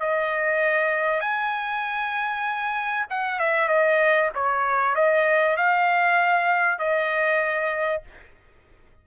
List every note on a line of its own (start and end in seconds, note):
0.00 1.20 D#5
1.20 3.06 G#5
3.10 3.39 F#5
3.39 3.68 E5
3.68 4.30 D#5
4.35 4.95 C#5
4.95 5.57 D#5
5.57 6.79 F5
6.79 8.02 D#5